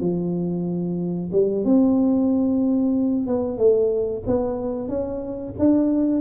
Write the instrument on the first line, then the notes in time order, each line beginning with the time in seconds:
tuba
0.00 F3
1.32 G3
1.65 C4
3.27 B3
3.58 A3
4.27 B3
4.89 C#4
5.59 D4